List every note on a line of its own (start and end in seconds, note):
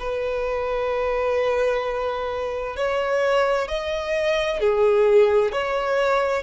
0.00 2.77 B4
2.77 3.68 C#5
3.68 4.60 D#5
4.60 5.53 G#4
5.53 6.43 C#5